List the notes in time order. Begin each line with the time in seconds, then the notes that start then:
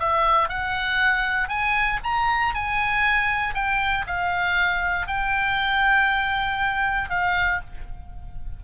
0.00 E5
0.49 F#5
1.49 G#5
2.04 A#5
2.55 G#5
3.55 G5
4.07 F5
5.08 G5
7.10 F5